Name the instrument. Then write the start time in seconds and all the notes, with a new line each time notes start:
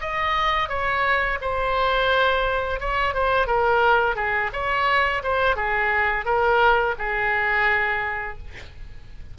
oboe
0.00 D#5
0.68 C#5
1.41 C5
2.80 C#5
3.13 C5
3.47 A#4
4.15 G#4
4.53 C#5
5.23 C5
5.56 G#4
6.25 A#4
6.98 G#4